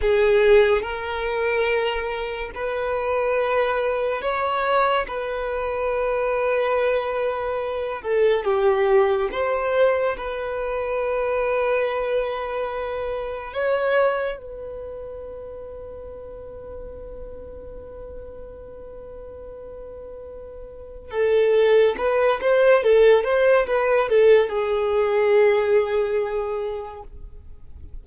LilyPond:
\new Staff \with { instrumentName = "violin" } { \time 4/4 \tempo 4 = 71 gis'4 ais'2 b'4~ | b'4 cis''4 b'2~ | b'4. a'8 g'4 c''4 | b'1 |
cis''4 b'2.~ | b'1~ | b'4 a'4 b'8 c''8 a'8 c''8 | b'8 a'8 gis'2. | }